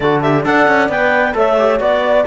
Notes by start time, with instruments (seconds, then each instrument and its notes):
0.00 cello D3, trombone F#4, horn A4, clarinet D5
0.22 trombone G4, clarinet E5
0.44 cello D4, trombone A4, horn D5, clarinet F#5
0.67 cello C#4
0.89 cello B3, trombone B4, clarinet G5
1.33 cello A3, trombone A4, horn C#5, clarinet E5
1.58 trombone G4
1.79 cello B3, trombone F#4, clarinet D5, horn D5